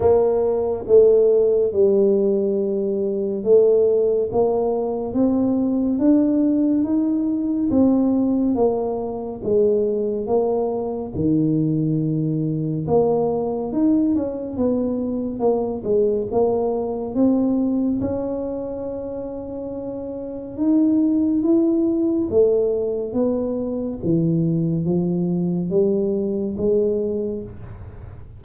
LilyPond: \new Staff \with { instrumentName = "tuba" } { \time 4/4 \tempo 4 = 70 ais4 a4 g2 | a4 ais4 c'4 d'4 | dis'4 c'4 ais4 gis4 | ais4 dis2 ais4 |
dis'8 cis'8 b4 ais8 gis8 ais4 | c'4 cis'2. | dis'4 e'4 a4 b4 | e4 f4 g4 gis4 | }